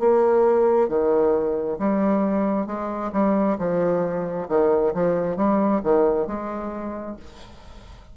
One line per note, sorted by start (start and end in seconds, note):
0.00 0.89 A#3
0.89 1.78 D#3
1.79 2.67 G3
2.67 3.11 G#3
3.13 3.58 G3
3.59 4.48 F3
4.49 4.93 D#3
4.94 5.37 F3
5.37 5.82 G3
5.83 6.27 D#3
6.27 7.16 G#3